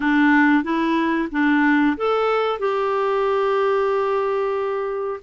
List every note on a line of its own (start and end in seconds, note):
0.00 0.63 D4
0.63 1.28 E4
1.31 1.97 D4
1.97 2.59 A4
2.59 5.20 G4